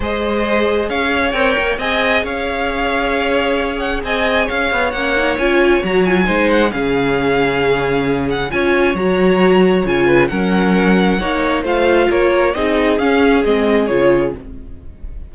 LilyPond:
<<
  \new Staff \with { instrumentName = "violin" } { \time 4/4 \tempo 4 = 134 dis''2 f''4 g''4 | gis''4 f''2.~ | f''8 fis''8 gis''4 f''4 fis''4 | gis''4 ais''8 gis''4 fis''8 f''4~ |
f''2~ f''8 fis''8 gis''4 | ais''2 gis''4 fis''4~ | fis''2 f''4 cis''4 | dis''4 f''4 dis''4 cis''4 | }
  \new Staff \with { instrumentName = "violin" } { \time 4/4 c''2 cis''2 | dis''4 cis''2.~ | cis''4 dis''4 cis''2~ | cis''2 c''4 gis'4~ |
gis'2. cis''4~ | cis''2~ cis''8 b'8 ais'4~ | ais'4 cis''4 c''4 ais'4 | gis'1 | }
  \new Staff \with { instrumentName = "viola" } { \time 4/4 gis'2. ais'4 | gis'1~ | gis'2. cis'8 dis'8 | f'4 fis'8 f'8 dis'4 cis'4~ |
cis'2. f'4 | fis'2 f'4 cis'4~ | cis'4 dis'4 f'2 | dis'4 cis'4 c'4 f'4 | }
  \new Staff \with { instrumentName = "cello" } { \time 4/4 gis2 cis'4 c'8 ais8 | c'4 cis'2.~ | cis'4 c'4 cis'8 b8 ais4 | cis'4 fis4 gis4 cis4~ |
cis2. cis'4 | fis2 cis4 fis4~ | fis4 ais4 a4 ais4 | c'4 cis'4 gis4 cis4 | }
>>